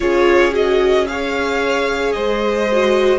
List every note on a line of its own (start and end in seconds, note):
0.00 2.15 C#4
0.00 0.50 F4
0.00 1.08 G#4
0.00 0.53 C#5
0.50 1.04 F#4
0.50 1.07 D#5
1.07 2.69 G#4
1.07 2.15 C#5
1.07 2.12 F5
2.12 3.19 G#3
2.12 3.19 C5
2.12 3.19 D#5
2.71 3.19 F#4